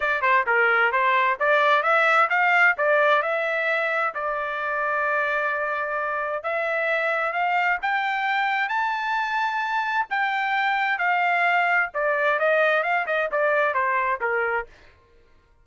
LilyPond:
\new Staff \with { instrumentName = "trumpet" } { \time 4/4 \tempo 4 = 131 d''8 c''8 ais'4 c''4 d''4 | e''4 f''4 d''4 e''4~ | e''4 d''2.~ | d''2 e''2 |
f''4 g''2 a''4~ | a''2 g''2 | f''2 d''4 dis''4 | f''8 dis''8 d''4 c''4 ais'4 | }